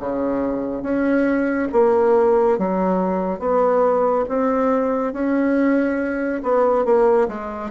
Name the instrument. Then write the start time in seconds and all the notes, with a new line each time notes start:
bassoon
0.00 C#3
0.83 C#4
1.73 A#3
2.59 F#3
3.40 B3
4.29 C4
5.14 C#4
6.44 B3
6.85 A#3
7.29 G#3